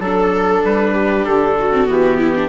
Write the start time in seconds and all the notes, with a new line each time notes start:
0.00 F#3 D4 A4
0.65 G3 B4
0.94 G4
1.25 D3 A4
1.60 F#4
1.73 C4
1.86 E3 B3
1.92 G4
2.19 E4
2.36 D4